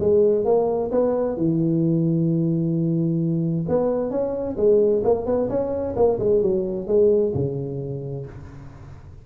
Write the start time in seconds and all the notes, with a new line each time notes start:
0.00 G#3
0.45 A#3
0.91 B3
1.37 E3
3.68 B3
4.11 C#4
4.57 G#3
5.04 A#3
5.26 B3
5.49 C#4
5.96 A#3
6.20 G#3
6.42 F#3
6.87 G#3
7.35 C#3